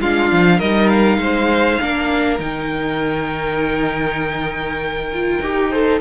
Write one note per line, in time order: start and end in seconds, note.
0.00 0.30 G#3
0.00 0.61 D4
0.00 0.58 F4
0.00 0.59 F5
0.31 0.61 F3
0.58 1.18 G3
0.58 1.80 D#4
0.58 1.18 A#4
0.58 0.88 D#5
0.88 2.38 F5
1.18 1.78 G#3
1.18 1.81 C5
1.80 2.38 A#3
1.80 2.39 D4
1.80 5.70 A#4
2.38 5.38 D#3
2.38 5.08 D#4
2.38 6.00 G5
5.13 5.42 F4
5.40 6.00 D#4
5.40 5.72 G4
5.70 6.00 A4
5.70 6.00 C5